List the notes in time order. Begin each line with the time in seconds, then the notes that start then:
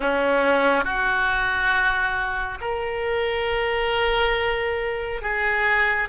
0.00 C#4
0.84 F#4
2.60 A#4
5.21 G#4